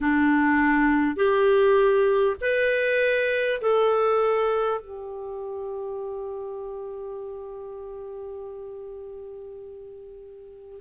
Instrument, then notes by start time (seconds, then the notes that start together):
clarinet
0.00 D4
1.16 G4
2.41 B4
3.61 A4
4.81 G4